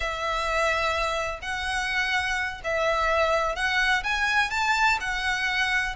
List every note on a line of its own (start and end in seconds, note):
0.00 1.39 E5
1.42 2.61 F#5
2.64 3.55 E5
3.55 4.03 F#5
4.03 4.50 G#5
4.50 4.98 A5
5.00 5.95 F#5